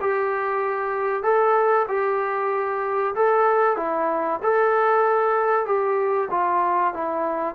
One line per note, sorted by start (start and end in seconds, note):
0.00 1.23 G4
1.23 1.86 A4
1.88 3.14 G4
3.15 3.76 A4
3.76 4.40 E4
4.42 5.65 A4
5.65 6.28 G4
6.30 6.93 F4
6.94 7.54 E4